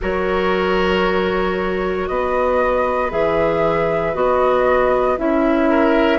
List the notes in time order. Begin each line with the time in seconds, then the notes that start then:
0.01 F#3 F#4 A#4 C#5
2.07 B3 B4 D#5
3.10 E3 G#4 E5
4.14 B3 F#4 D#5
5.17 C#4 E4 E5
5.69 A#4